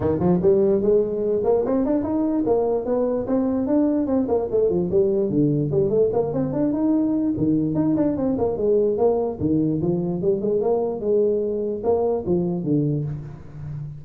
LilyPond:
\new Staff \with { instrumentName = "tuba" } { \time 4/4 \tempo 4 = 147 dis8 f8 g4 gis4. ais8 | c'8 d'8 dis'4 ais4 b4 | c'4 d'4 c'8 ais8 a8 f8 | g4 d4 g8 a8 ais8 c'8 |
d'8 dis'4. dis4 dis'8 d'8 | c'8 ais8 gis4 ais4 dis4 | f4 g8 gis8 ais4 gis4~ | gis4 ais4 f4 d4 | }